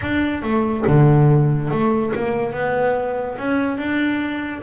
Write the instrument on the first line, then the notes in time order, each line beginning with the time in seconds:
double bass
0.01 D4
0.42 A3
0.87 D3
1.70 A3
2.15 A#3
2.52 B3
3.38 C#4
3.77 D4